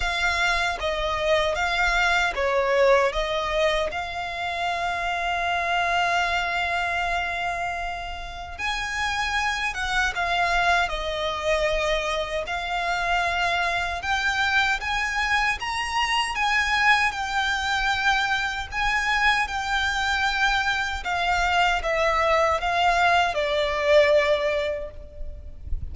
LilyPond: \new Staff \with { instrumentName = "violin" } { \time 4/4 \tempo 4 = 77 f''4 dis''4 f''4 cis''4 | dis''4 f''2.~ | f''2. gis''4~ | gis''8 fis''8 f''4 dis''2 |
f''2 g''4 gis''4 | ais''4 gis''4 g''2 | gis''4 g''2 f''4 | e''4 f''4 d''2 | }